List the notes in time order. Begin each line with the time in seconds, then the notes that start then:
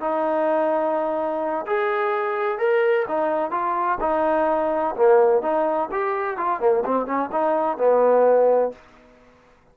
0.00 D#4
1.66 G#4
2.58 A#4
3.08 D#4
3.51 F4
4.00 D#4
4.96 A#3
5.42 D#4
5.91 G4
6.37 F4
6.60 A#3
6.85 C4
7.06 C#4
7.32 D#4
7.77 B3